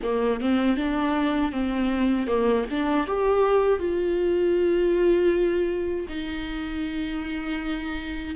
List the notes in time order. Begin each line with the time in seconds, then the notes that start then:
0.02 A#3
0.40 C4
0.76 D4
1.52 C4
2.27 A#3
2.70 D4
3.06 G4
3.79 F4
6.08 D#4